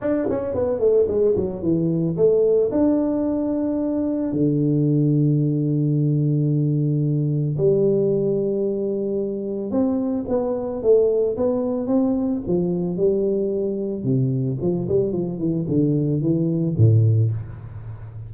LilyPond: \new Staff \with { instrumentName = "tuba" } { \time 4/4 \tempo 4 = 111 d'8 cis'8 b8 a8 gis8 fis8 e4 | a4 d'2. | d1~ | d2 g2~ |
g2 c'4 b4 | a4 b4 c'4 f4 | g2 c4 f8 g8 | f8 e8 d4 e4 a,4 | }